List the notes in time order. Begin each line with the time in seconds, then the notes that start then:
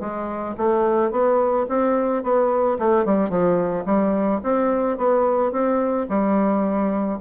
0.00 G#3
0.57 A3
1.11 B3
1.69 C4
2.23 B3
2.79 A3
3.06 G3
3.30 F3
3.86 G3
4.43 C4
4.98 B3
5.52 C4
6.09 G3